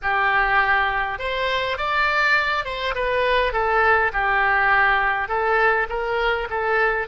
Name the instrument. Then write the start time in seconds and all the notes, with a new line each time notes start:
oboe
0.02 G4
1.18 C5
1.77 D5
2.64 C5
2.94 B4
3.52 A4
4.12 G4
5.28 A4
5.89 A#4
6.50 A4